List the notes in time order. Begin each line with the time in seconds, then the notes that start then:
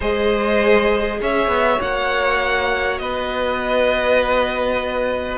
0.00 G#3 G#4 C5 D#5
1.21 C#4 C#5 E5
1.47 B3
1.78 A#3 F#4 F#5
2.98 B3 B4 D#5